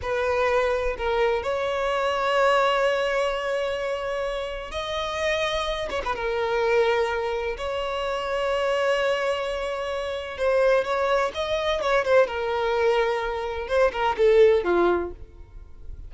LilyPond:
\new Staff \with { instrumentName = "violin" } { \time 4/4 \tempo 4 = 127 b'2 ais'4 cis''4~ | cis''1~ | cis''2 dis''2~ | dis''8 cis''16 b'16 ais'2. |
cis''1~ | cis''2 c''4 cis''4 | dis''4 cis''8 c''8 ais'2~ | ais'4 c''8 ais'8 a'4 f'4 | }